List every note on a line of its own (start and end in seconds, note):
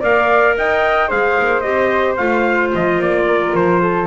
0.00 0.57 A#3
0.00 1.08 A#4
0.00 0.54 D5
0.00 0.58 F5
0.57 1.11 D#4
0.57 1.08 D#5
0.57 1.11 G5
1.08 1.38 G#3
1.08 1.62 G#4
1.08 3.24 C5
1.08 1.61 F5
1.39 1.64 A#3
1.61 2.18 C4
1.61 2.17 G4
1.61 2.15 D#5
2.17 2.73 A3
2.17 4.07 F4
2.17 2.71 F5
2.75 2.99 F3
2.75 3.02 D#5
2.99 3.53 A#3
2.99 3.55 D5
3.27 3.81 A#4
3.54 4.07 F3
3.54 4.07 C5
3.82 4.07 A4